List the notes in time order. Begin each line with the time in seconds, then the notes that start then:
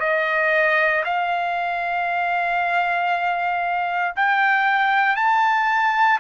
0.00 D#5
1.04 F5
4.16 G5
5.16 A5